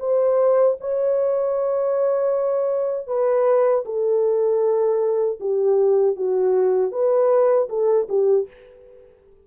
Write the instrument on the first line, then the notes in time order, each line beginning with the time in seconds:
horn
0.00 C5
0.80 C#5
3.08 B4
3.86 A4
5.40 G4
6.16 F#4
6.92 B4
7.69 A4
8.09 G4